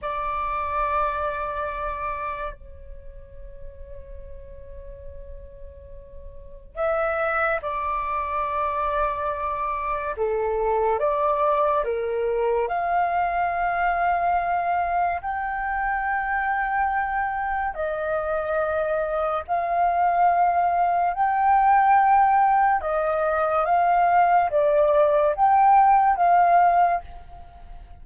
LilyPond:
\new Staff \with { instrumentName = "flute" } { \time 4/4 \tempo 4 = 71 d''2. cis''4~ | cis''1 | e''4 d''2. | a'4 d''4 ais'4 f''4~ |
f''2 g''2~ | g''4 dis''2 f''4~ | f''4 g''2 dis''4 | f''4 d''4 g''4 f''4 | }